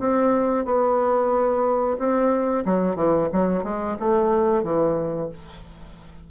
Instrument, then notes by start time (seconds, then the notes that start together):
bassoon
0.00 C4
0.66 B3
1.99 C4
2.66 F#3
2.96 E3
3.33 F#3
3.64 G#3
4.00 A3
4.64 E3